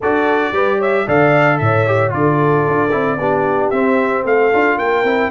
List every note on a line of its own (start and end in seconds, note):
0.00 0.52 D4
0.00 0.54 F#4
0.00 0.53 A4
0.00 0.81 D5
0.52 1.05 G3
0.52 1.07 G4
0.52 0.78 B4
0.78 1.05 C#5
0.78 1.08 E5
1.06 1.60 D3
1.06 1.86 A4
1.06 1.59 D5
1.06 1.57 F5
1.57 2.13 A2
1.57 2.13 C#5
1.57 2.11 E5
1.86 2.09 G4
2.09 2.66 D3
2.09 2.89 F4
2.09 3.18 A4
2.09 3.70 D5
2.67 2.93 D4
2.91 3.17 C4
2.91 3.17 E4
3.17 3.70 B3
3.17 3.73 D4
3.17 4.24 G4
3.70 4.24 C4
3.70 4.53 C4
3.70 4.23 E5
4.24 4.51 A3
4.24 4.78 A4
4.24 4.78 F5
4.53 4.77 D4
4.53 5.05 F4
4.77 5.03 A#3
4.77 5.31 A#4
4.77 5.31 G5
5.03 5.29 C4
5.03 5.31 E4